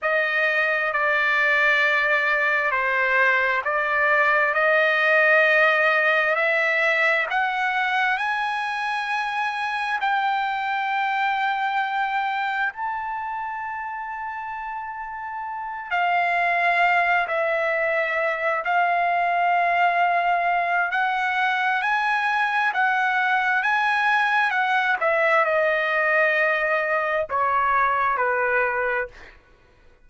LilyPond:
\new Staff \with { instrumentName = "trumpet" } { \time 4/4 \tempo 4 = 66 dis''4 d''2 c''4 | d''4 dis''2 e''4 | fis''4 gis''2 g''4~ | g''2 a''2~ |
a''4. f''4. e''4~ | e''8 f''2~ f''8 fis''4 | gis''4 fis''4 gis''4 fis''8 e''8 | dis''2 cis''4 b'4 | }